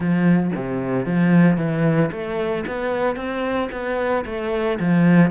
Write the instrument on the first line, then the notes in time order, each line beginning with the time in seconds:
cello
0.00 F3
0.55 C3
1.05 F3
1.57 E3
2.11 A3
2.66 B3
3.16 C4
3.71 B3
4.25 A3
4.79 F3